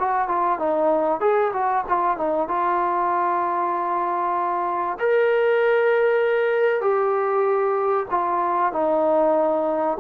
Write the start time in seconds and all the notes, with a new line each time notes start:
0.00 F#4
0.29 F4
0.59 D#4
1.21 G#4
1.54 F#4
1.89 F4
2.18 D#4
2.48 F4
5.00 A#4
6.82 G4
8.11 F4
8.73 D#4